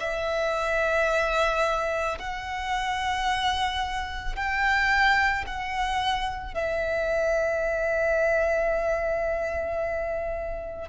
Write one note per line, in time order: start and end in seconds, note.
0.00 2.18 E5
2.19 4.36 F#5
4.36 5.45 G5
5.47 6.54 F#5
6.54 10.89 E5